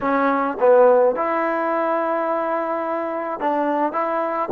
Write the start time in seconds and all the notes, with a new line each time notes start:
0.01 C#4
0.60 B3
1.15 E4
3.40 D4
3.92 E4